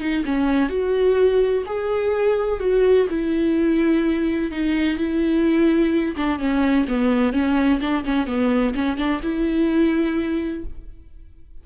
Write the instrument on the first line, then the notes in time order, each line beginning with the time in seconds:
viola
0.00 D#4
0.25 C#4
0.69 F#4
1.66 G#4
2.60 F#4
3.09 E4
4.51 D#4
4.97 E4
6.17 D4
6.39 C#4
6.88 B3
7.33 C#4
7.80 D4
8.04 C#4
8.27 B3
8.75 C#4
8.97 D4
9.22 E4